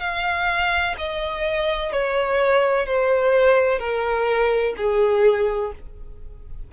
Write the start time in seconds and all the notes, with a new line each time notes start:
0.00 F5
0.98 D#5
1.92 C#5
2.86 C5
3.79 A#4
4.77 G#4